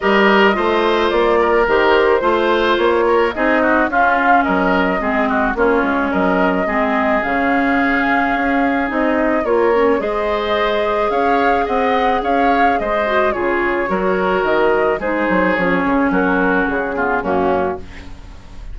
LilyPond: <<
  \new Staff \with { instrumentName = "flute" } { \time 4/4 \tempo 4 = 108 dis''2 d''4 c''4~ | c''4 cis''4 dis''4 f''4 | dis''2 cis''4 dis''4~ | dis''4 f''2. |
dis''4 cis''4 dis''2 | f''4 fis''4 f''4 dis''4 | cis''2 dis''4 c''4 | cis''4 ais'4 gis'4 fis'4 | }
  \new Staff \with { instrumentName = "oboe" } { \time 4/4 ais'4 c''4. ais'4. | c''4. ais'8 gis'8 fis'8 f'4 | ais'4 gis'8 fis'8 f'4 ais'4 | gis'1~ |
gis'4 ais'4 c''2 | cis''4 dis''4 cis''4 c''4 | gis'4 ais'2 gis'4~ | gis'4 fis'4. f'8 cis'4 | }
  \new Staff \with { instrumentName = "clarinet" } { \time 4/4 g'4 f'2 g'4 | f'2 dis'4 cis'4~ | cis'4 c'4 cis'2 | c'4 cis'2. |
dis'4 f'8 cis'8 gis'2~ | gis'2.~ gis'8 fis'8 | f'4 fis'2 dis'4 | cis'2~ cis'8 b8 ais4 | }
  \new Staff \with { instrumentName = "bassoon" } { \time 4/4 g4 a4 ais4 dis4 | a4 ais4 c'4 cis'4 | fis4 gis4 ais8 gis8 fis4 | gis4 cis2 cis'4 |
c'4 ais4 gis2 | cis'4 c'4 cis'4 gis4 | cis4 fis4 dis4 gis8 fis8 | f8 cis8 fis4 cis4 fis,4 | }
>>